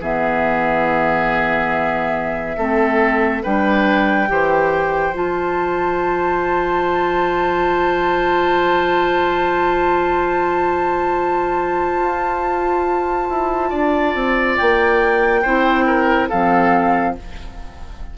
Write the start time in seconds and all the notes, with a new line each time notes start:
0.00 E3 B3 G#4 E5
2.57 A3 C4 A4
3.43 G3 D4 B4 G5
4.27 E3 G4 C5
5.11 F3 F4 A5
12.01 F4
13.29 E4
13.70 D4 D5
14.15 C4
14.57 A#3 G5
15.42 C4 E4 C5
15.87 A#4
16.29 F3 C4 A4 F5